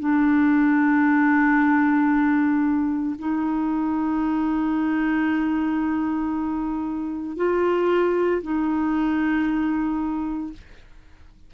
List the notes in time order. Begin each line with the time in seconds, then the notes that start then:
0.00 D4
3.19 D#4
7.37 F4
8.43 D#4